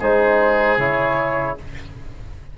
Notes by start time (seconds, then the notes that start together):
0.00 G#3 D#4 G#4 C5
0.78 C#3 E4 C#5